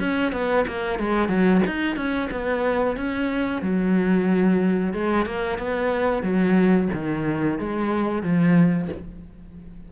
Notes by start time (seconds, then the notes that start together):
0.00 C#4
0.32 B3
0.68 A#3
1.00 G#3
1.29 F#3
1.66 D#4
1.96 C#4
2.31 B3
2.97 C#4
3.62 F#3
4.94 G#3
5.26 A#3
5.59 B3
6.23 F#3
6.93 D#3
7.59 G#3
8.23 F3